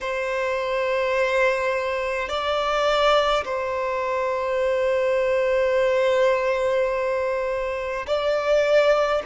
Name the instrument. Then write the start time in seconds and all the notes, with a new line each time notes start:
violin
0.00 C5
2.28 D5
3.45 C5
8.07 D5